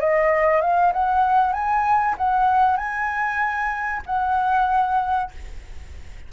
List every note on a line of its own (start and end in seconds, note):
0.00 0.61 D#5
0.61 0.92 F5
0.93 1.53 F#5
1.53 2.15 G#5
2.18 2.77 F#5
2.77 4.02 G#5
4.06 5.31 F#5